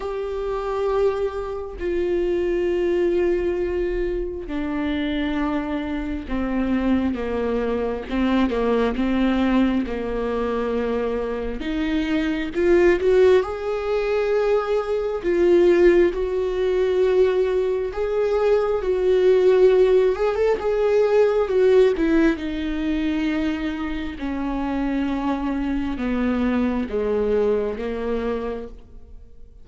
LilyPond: \new Staff \with { instrumentName = "viola" } { \time 4/4 \tempo 4 = 67 g'2 f'2~ | f'4 d'2 c'4 | ais4 c'8 ais8 c'4 ais4~ | ais4 dis'4 f'8 fis'8 gis'4~ |
gis'4 f'4 fis'2 | gis'4 fis'4. gis'16 a'16 gis'4 | fis'8 e'8 dis'2 cis'4~ | cis'4 b4 gis4 ais4 | }